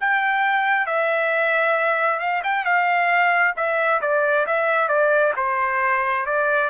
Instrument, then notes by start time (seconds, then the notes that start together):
trumpet
0.00 G5
0.86 E5
2.19 F5
2.43 G5
2.65 F5
3.56 E5
4.01 D5
4.46 E5
4.88 D5
5.36 C5
6.26 D5